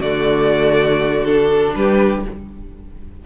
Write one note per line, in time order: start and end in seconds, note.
0.00 1.74 D3
0.00 1.26 A3
0.00 1.74 F#4
0.00 1.25 D5
1.25 2.25 D4
1.25 1.74 A4
1.76 2.25 G3
1.76 2.26 G4
1.76 2.26 B4